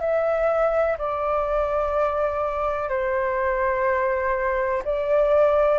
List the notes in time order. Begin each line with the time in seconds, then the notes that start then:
0.00 E5
0.98 D5
2.89 C5
4.84 D5